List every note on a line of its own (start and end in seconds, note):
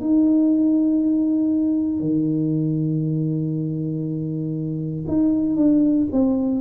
0.00 2.00 D#4
2.00 5.05 D#3
5.07 5.56 D#4
5.56 6.06 D4
6.12 6.61 C4